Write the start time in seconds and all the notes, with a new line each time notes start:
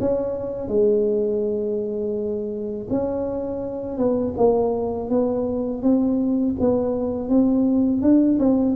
0.00 C#4
0.69 G#3
2.90 C#4
3.98 B3
4.38 A#3
5.10 B3
5.83 C4
6.60 B3
7.29 C4
8.02 D4
8.39 C4